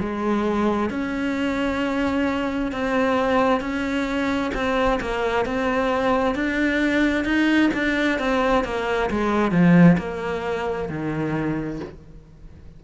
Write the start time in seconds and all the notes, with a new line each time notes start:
0.00 G#3
0.90 C#4
2.72 C4
3.61 C#4
4.55 C4
5.01 A#3
5.46 C4
6.36 D4
7.25 D#4
7.74 D4
8.19 C4
8.65 A#3
9.11 G#3
9.52 F3
9.98 A#3
10.90 D#3